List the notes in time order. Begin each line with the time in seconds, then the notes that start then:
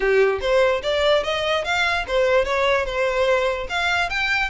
0.00 G4
0.40 C5
0.83 D5
1.23 D#5
1.64 F5
2.07 C5
2.45 C#5
2.85 C5
3.69 F5
4.09 G5